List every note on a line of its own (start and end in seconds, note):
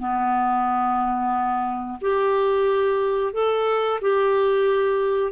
0.00 2.00 B3
2.02 3.34 G4
3.34 4.00 A4
4.02 5.33 G4